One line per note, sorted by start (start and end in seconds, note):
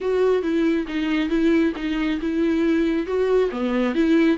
0.00 0.42 F#4
0.42 0.86 E4
0.87 1.29 D#4
1.29 1.72 E4
1.76 2.20 D#4
2.20 3.06 E4
3.06 3.50 F#4
3.51 3.95 B3
3.95 4.37 E4